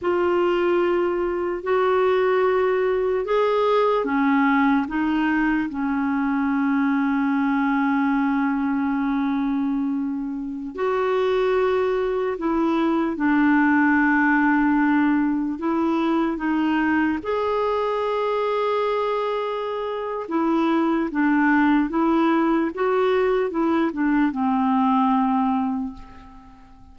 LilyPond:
\new Staff \with { instrumentName = "clarinet" } { \time 4/4 \tempo 4 = 74 f'2 fis'2 | gis'4 cis'4 dis'4 cis'4~ | cis'1~ | cis'4~ cis'16 fis'2 e'8.~ |
e'16 d'2. e'8.~ | e'16 dis'4 gis'2~ gis'8.~ | gis'4 e'4 d'4 e'4 | fis'4 e'8 d'8 c'2 | }